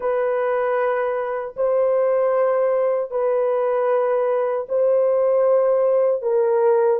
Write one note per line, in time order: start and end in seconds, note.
0.00 1.54 B4
1.56 3.10 C5
3.10 4.66 B4
4.69 6.22 C5
6.22 7.00 A#4